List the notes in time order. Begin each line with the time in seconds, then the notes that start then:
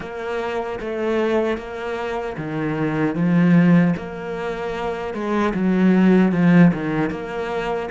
0.00 A#3
0.79 A3
1.57 A#3
2.37 D#3
3.15 F3
3.96 A#3
5.14 G#3
5.54 F#3
6.32 F3
6.73 D#3
7.10 A#3